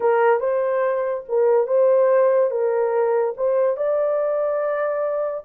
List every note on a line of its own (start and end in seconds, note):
0.00 0.40 A#4
0.40 1.24 C5
1.28 1.67 A#4
1.67 2.50 C5
2.50 3.34 A#4
3.36 3.76 C5
3.76 5.44 D5